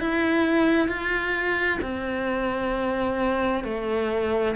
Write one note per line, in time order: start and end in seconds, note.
0.00 0.88 E4
0.88 1.79 F4
1.82 3.64 C4
3.64 4.55 A3